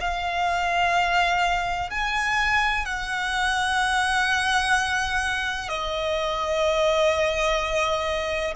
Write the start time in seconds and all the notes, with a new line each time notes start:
0.00 F5
1.90 G#5
2.85 F#5
5.68 D#5